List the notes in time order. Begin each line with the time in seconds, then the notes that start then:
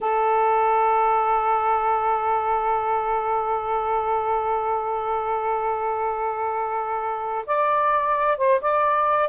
0.01 A4
7.46 D5
8.37 C5
8.61 D5